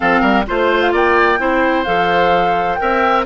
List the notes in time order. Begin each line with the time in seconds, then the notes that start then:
0.00 F3 C4 A4 F5
0.20 G3 A#4
0.47 A3 F4 C5
0.81 F5
0.92 A#3 D5 G5
1.38 C4 E4 C5
1.84 F3 A4 F5
2.74 A#4 G5
2.80 C4 E5